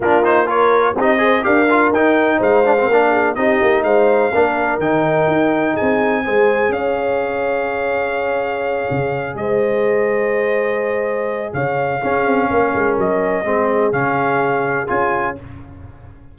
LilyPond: <<
  \new Staff \with { instrumentName = "trumpet" } { \time 4/4 \tempo 4 = 125 ais'8 c''8 cis''4 dis''4 f''4 | g''4 f''2 dis''4 | f''2 g''2 | gis''2 f''2~ |
f''2.~ f''8 dis''8~ | dis''1 | f''2. dis''4~ | dis''4 f''2 gis''4 | }
  \new Staff \with { instrumentName = "horn" } { \time 4/4 f'4 ais'4 g'8 c''8 ais'4~ | ais'4 c''4 ais'8 gis'8 g'4 | c''4 ais'2. | gis'4 c''4 cis''2~ |
cis''2.~ cis''8 c''8~ | c''1 | cis''4 gis'4 ais'2 | gis'1 | }
  \new Staff \with { instrumentName = "trombone" } { \time 4/4 d'8 dis'8 f'4 dis'8 gis'8 g'8 f'8 | dis'4. d'16 c'16 d'4 dis'4~ | dis'4 d'4 dis'2~ | dis'4 gis'2.~ |
gis'1~ | gis'1~ | gis'4 cis'2. | c'4 cis'2 f'4 | }
  \new Staff \with { instrumentName = "tuba" } { \time 4/4 ais2 c'4 d'4 | dis'4 gis4 ais4 c'8 ais8 | gis4 ais4 dis4 dis'4 | c'4 gis4 cis'2~ |
cis'2~ cis'8 cis4 gis8~ | gis1 | cis4 cis'8 c'8 ais8 gis8 fis4 | gis4 cis2 cis'4 | }
>>